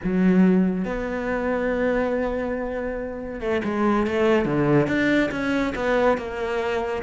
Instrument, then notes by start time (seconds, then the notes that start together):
cello
0.03 F#3
0.85 B3
3.40 A3
3.64 G#3
4.06 A3
4.45 D3
4.87 D4
5.31 C#4
5.75 B3
6.17 A#3